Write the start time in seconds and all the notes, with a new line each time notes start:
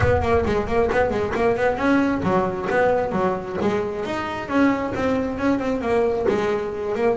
0.00 B3
0.22 A#3
0.45 G#3
0.67 A#3
0.92 B3
1.10 G#3
1.34 A#3
1.56 B3
1.76 C#4
2.23 F#3
2.69 B3
3.11 F#3
3.61 G#3
4.05 D#4
4.48 C#4
4.95 C4
5.38 C#4
5.59 C4
5.81 A#3
6.28 G#3
6.95 A#3